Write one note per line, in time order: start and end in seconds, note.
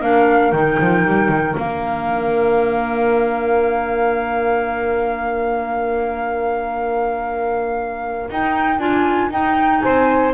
0.00 0.52 A#3
0.00 0.53 D4
0.00 9.83 A#4
0.00 0.51 F5
0.51 0.77 D#3
0.51 1.56 D#4
0.51 1.54 G5
0.79 1.05 F3
1.05 1.28 G3
1.28 1.54 D#3
1.56 8.29 A#3
1.56 8.29 D4
1.56 8.30 F5
8.29 8.78 D#4
8.29 8.79 D#4
8.29 8.78 G5
8.78 9.30 D4
8.78 9.31 F4
8.78 9.30 G#5
9.30 9.82 D#4
9.30 10.34 D#4
9.30 9.80 G5
9.80 10.34 C4
9.80 10.34 C5
9.80 10.32 G#5